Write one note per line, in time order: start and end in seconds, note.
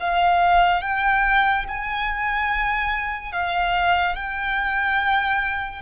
0.00 0.81 F5
0.81 1.65 G5
1.68 3.32 G#5
3.32 4.15 F5
4.15 5.82 G5